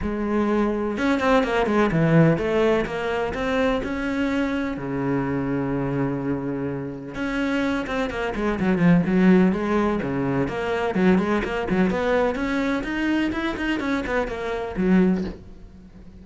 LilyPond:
\new Staff \with { instrumentName = "cello" } { \time 4/4 \tempo 4 = 126 gis2 cis'8 c'8 ais8 gis8 | e4 a4 ais4 c'4 | cis'2 cis2~ | cis2. cis'4~ |
cis'8 c'8 ais8 gis8 fis8 f8 fis4 | gis4 cis4 ais4 fis8 gis8 | ais8 fis8 b4 cis'4 dis'4 | e'8 dis'8 cis'8 b8 ais4 fis4 | }